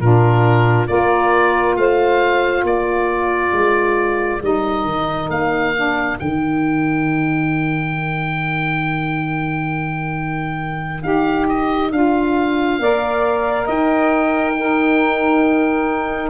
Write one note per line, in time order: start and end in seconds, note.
0.00 0.88 A#2
0.00 0.87 D4
0.00 0.88 F4
0.00 0.87 A#4
0.87 1.76 A#3
0.87 4.40 F4
0.87 1.78 A#4
0.87 1.76 D5
1.76 2.63 A3
1.76 2.65 C5
1.76 2.65 F5
2.63 3.52 A#3
2.63 12.79 A#4
2.63 4.43 D5
3.52 4.40 G#3
4.41 4.85 G3
4.41 5.74 D#4
4.41 5.30 D#5
4.85 5.29 D#3
5.29 6.17 A#3
5.29 6.18 F5
5.76 6.19 D4
6.19 11.03 D#3
6.19 11.02 D#4
6.19 11.03 G5
11.02 11.91 D#4
11.02 11.90 G4
11.02 11.47 F5
11.49 11.92 D#5
11.91 12.79 D4
11.91 12.81 F4
11.91 13.69 F5
12.79 13.67 A#3
12.79 14.58 A#4
12.79 13.65 D5
13.65 16.30 D#4
13.65 14.53 D#5
13.65 16.30 G5
14.58 16.30 D#4
14.58 16.30 A#4